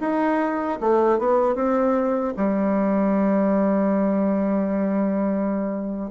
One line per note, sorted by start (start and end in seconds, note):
0.00 0.79 D#4
0.80 1.18 A3
1.18 1.55 B3
1.55 2.34 C4
2.36 6.11 G3